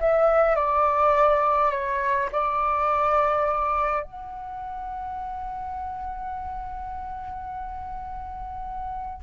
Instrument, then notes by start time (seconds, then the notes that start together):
flute
0.00 E5
0.56 D5
1.72 C#5
2.32 D5
4.03 F#5